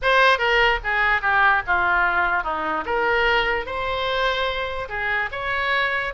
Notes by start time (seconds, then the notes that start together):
0.02 C5
0.38 A#4
0.83 G#4
1.21 G4
1.66 F4
2.43 D#4
2.85 A#4
3.66 C5
4.88 G#4
5.31 C#5